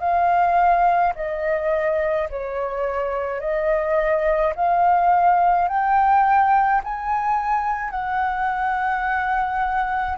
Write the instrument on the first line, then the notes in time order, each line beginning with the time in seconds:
flute
0.00 F5
1.16 D#5
2.31 C#5
3.41 D#5
4.56 F5
5.69 G5
6.84 G#5
7.91 F#5